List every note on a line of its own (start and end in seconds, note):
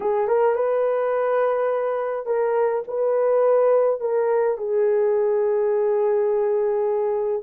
0.00 0.27 G#4
0.27 0.55 A#4
0.55 2.26 B4
2.26 2.83 A#4
2.87 4.00 B4
4.00 4.57 A#4
4.57 7.42 G#4